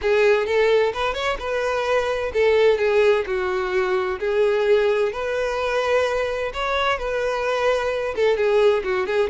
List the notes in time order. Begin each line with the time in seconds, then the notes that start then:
0.01 G#4
0.46 A4
0.93 B4
1.14 C#5
1.39 B4
2.33 A4
2.78 G#4
3.26 F#4
4.19 G#4
5.12 B4
6.53 C#5
6.98 B4
8.15 A4
8.36 G#4
8.84 F#4
9.06 G#4